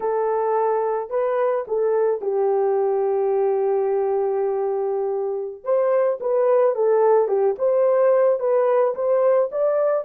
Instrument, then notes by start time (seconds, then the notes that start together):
horn
0.00 A4
1.10 B4
1.67 A4
2.21 G4
5.63 C5
6.20 B4
6.75 A4
7.28 G4
7.58 C5
8.39 B4
8.94 C5
9.51 D5